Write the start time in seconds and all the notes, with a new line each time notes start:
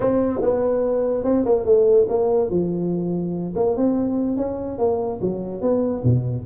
0.00 C4
0.41 B3
1.24 C4
1.45 A#3
1.65 A3
2.08 A#3
2.50 F3
3.55 A#3
3.76 C4
4.37 C#4
4.78 A#3
5.21 F#3
5.61 B3
6.04 B2